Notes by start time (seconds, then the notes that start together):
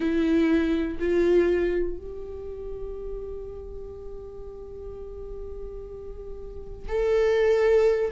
0.00 E4
0.99 F4
1.97 G4
6.88 A4